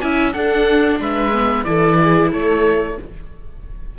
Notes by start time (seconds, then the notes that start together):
0.00 C#4 E4 E5 G#5
0.32 D4 A4 F#5
0.99 G#3 B4 E5
1.32 B3
1.64 E3 E4 A4 D5
2.01 G#4
2.32 A3 A4 C#5